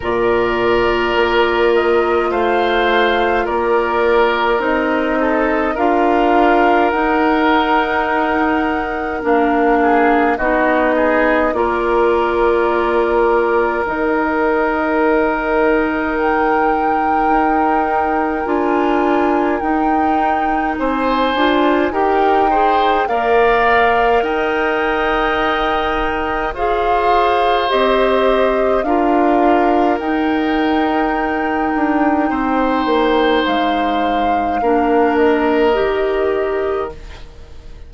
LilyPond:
<<
  \new Staff \with { instrumentName = "flute" } { \time 4/4 \tempo 4 = 52 d''4. dis''8 f''4 d''4 | dis''4 f''4 fis''2 | f''4 dis''4 d''2 | dis''2 g''2 |
gis''4 g''4 gis''4 g''4 | f''4 g''2 f''4 | dis''4 f''4 g''2~ | g''4 f''4. dis''4. | }
  \new Staff \with { instrumentName = "oboe" } { \time 4/4 ais'2 c''4 ais'4~ | ais'8 a'8 ais'2.~ | ais'8 gis'8 fis'8 gis'8 ais'2~ | ais'1~ |
ais'2 c''4 ais'8 c''8 | d''4 dis''2 c''4~ | c''4 ais'2. | c''2 ais'2 | }
  \new Staff \with { instrumentName = "clarinet" } { \time 4/4 f'1 | dis'4 f'4 dis'2 | d'4 dis'4 f'2 | dis'1 |
f'4 dis'4. f'8 g'8 gis'8 | ais'2. gis'4 | g'4 f'4 dis'2~ | dis'2 d'4 g'4 | }
  \new Staff \with { instrumentName = "bassoon" } { \time 4/4 ais,4 ais4 a4 ais4 | c'4 d'4 dis'2 | ais4 b4 ais2 | dis2. dis'4 |
d'4 dis'4 c'8 d'8 dis'4 | ais4 dis'2 f'4 | c'4 d'4 dis'4. d'8 | c'8 ais8 gis4 ais4 dis4 | }
>>